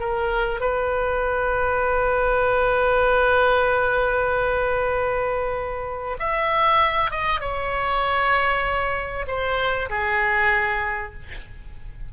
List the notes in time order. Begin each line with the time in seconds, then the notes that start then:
0.00 A#4
0.61 B4
6.20 E5
7.11 D#5
7.41 C#5
9.28 C5
9.90 G#4